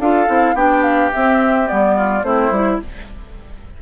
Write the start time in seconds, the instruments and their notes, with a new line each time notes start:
0.00 bassoon D4, clarinet F4, oboe A4, flute F5
0.27 bassoon C4, clarinet E4
0.54 bassoon B3, clarinet D4, oboe G4, flute G5
0.83 flute F5
1.12 clarinet C4, bassoon C4, flute E5
1.66 bassoon G3, clarinet B3, flute D5
1.97 oboe F4
2.24 bassoon A3, clarinet C4, oboe E4, flute C5
2.51 bassoon G3, clarinet E4